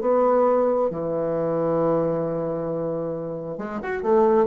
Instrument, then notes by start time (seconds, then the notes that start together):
bassoon
0.00 B3
0.90 E3
3.57 G#3
3.82 F#4
4.02 A3